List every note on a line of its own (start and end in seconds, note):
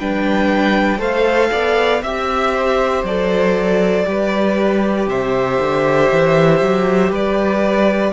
0.00 0.99 G3
0.00 0.99 D4
0.00 0.99 B4
0.00 1.01 G5
0.99 1.50 A3
0.99 2.00 A4
0.99 1.50 C5
0.99 2.03 F5
1.52 2.03 B3
1.52 2.03 D5
2.03 3.04 C4
2.03 3.07 G4
2.03 3.05 E5
2.03 2.54 E5
2.54 4.06 C5
3.04 4.05 F#3
3.04 4.06 A4
3.04 5.09 D5
4.06 5.07 G3
4.06 8.13 G4
4.06 5.09 B4
5.07 5.58 C3
5.07 7.11 C5
5.07 7.12 E5
5.60 6.11 D3
6.12 6.61 E3
6.61 7.11 F#3
7.11 8.12 G3
7.11 8.13 B4
7.11 8.13 D5